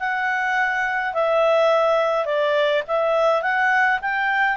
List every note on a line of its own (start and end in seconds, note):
0.00 1.14 F#5
1.14 2.26 E5
2.26 2.83 D5
2.88 3.43 E5
3.43 4.00 F#5
4.02 4.57 G5